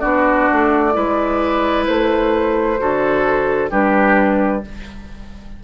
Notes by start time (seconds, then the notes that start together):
0.00 B3 D4 F#4 D5
0.52 A3
0.93 G#3 E4 B4
1.86 A3 C5
2.78 D3 F#4 A4
3.70 G3 D4 G4 B4